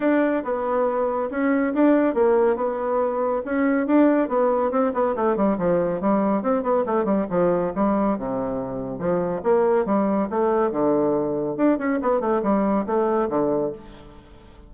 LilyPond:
\new Staff \with { instrumentName = "bassoon" } { \time 4/4 \tempo 4 = 140 d'4 b2 cis'4 | d'4 ais4 b2 | cis'4 d'4 b4 c'8 b8 | a8 g8 f4 g4 c'8 b8 |
a8 g8 f4 g4 c4~ | c4 f4 ais4 g4 | a4 d2 d'8 cis'8 | b8 a8 g4 a4 d4 | }